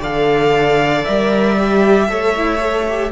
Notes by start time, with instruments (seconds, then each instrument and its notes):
0.00 cello D3, viola A4, violin D5 F5
1.04 cello G3, viola A#4, violin E5
1.56 viola G4
2.08 cello A3, viola A4, violin C#5
2.36 viola E4
2.59 viola A4
2.88 viola G4